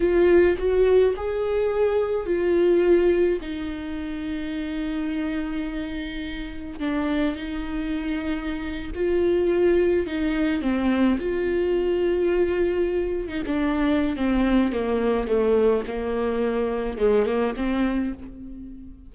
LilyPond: \new Staff \with { instrumentName = "viola" } { \time 4/4 \tempo 4 = 106 f'4 fis'4 gis'2 | f'2 dis'2~ | dis'1 | d'4 dis'2~ dis'8. f'16~ |
f'4.~ f'16 dis'4 c'4 f'16~ | f'2.~ f'8 dis'16 d'16~ | d'4 c'4 ais4 a4 | ais2 gis8 ais8 c'4 | }